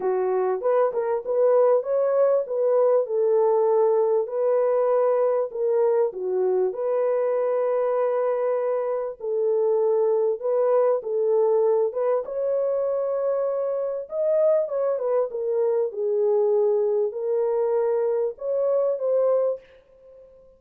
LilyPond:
\new Staff \with { instrumentName = "horn" } { \time 4/4 \tempo 4 = 98 fis'4 b'8 ais'8 b'4 cis''4 | b'4 a'2 b'4~ | b'4 ais'4 fis'4 b'4~ | b'2. a'4~ |
a'4 b'4 a'4. b'8 | cis''2. dis''4 | cis''8 b'8 ais'4 gis'2 | ais'2 cis''4 c''4 | }